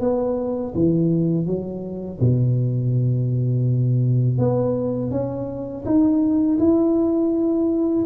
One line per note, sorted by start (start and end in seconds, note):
0.00 0.73 B3
0.75 1.46 E3
1.46 2.19 F#3
2.20 4.38 B2
4.38 5.11 B3
5.11 5.84 C#4
5.85 6.59 D#4
6.59 8.05 E4